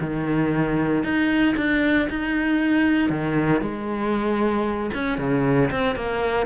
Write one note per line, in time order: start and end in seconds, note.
0.00 1.03 D#3
1.03 1.55 D#4
1.56 2.08 D4
2.09 3.09 D#4
3.09 3.61 D#3
3.61 4.90 G#3
4.94 5.18 C#4
5.18 5.69 C#3
5.71 5.95 C4
5.95 6.46 A#3